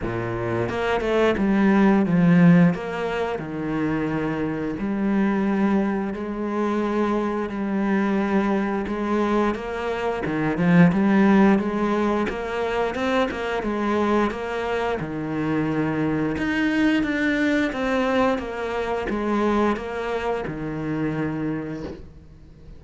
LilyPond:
\new Staff \with { instrumentName = "cello" } { \time 4/4 \tempo 4 = 88 ais,4 ais8 a8 g4 f4 | ais4 dis2 g4~ | g4 gis2 g4~ | g4 gis4 ais4 dis8 f8 |
g4 gis4 ais4 c'8 ais8 | gis4 ais4 dis2 | dis'4 d'4 c'4 ais4 | gis4 ais4 dis2 | }